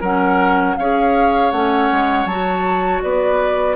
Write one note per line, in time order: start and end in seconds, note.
0.00 0.76 F#3
0.00 0.77 C#4
0.00 0.75 A#4
0.00 0.77 F#5
0.77 1.52 C#4
0.77 1.53 G#4
0.77 3.03 C#5
0.77 1.51 F5
1.51 1.89 A3
1.51 2.28 C#4
1.51 2.26 F#5
1.91 2.25 G#3
2.25 3.00 F#3
2.25 3.76 F#4
2.25 3.01 A5
3.02 3.76 B3
3.02 3.76 B4
3.02 3.76 D5